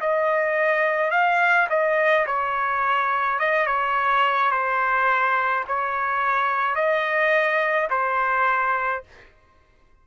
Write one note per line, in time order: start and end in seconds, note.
0.00 1.11 D#5
1.11 1.67 F5
1.69 2.25 D#5
2.26 3.39 C#5
3.39 3.66 D#5
3.66 4.51 C#5
4.51 5.64 C5
5.67 6.75 C#5
6.75 7.88 D#5
7.89 9.03 C5